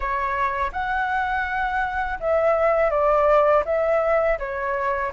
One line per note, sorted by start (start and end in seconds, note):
0.00 0.71 C#5
0.72 2.19 F#5
2.20 2.90 E5
2.90 3.63 D5
3.65 4.38 E5
4.38 5.12 C#5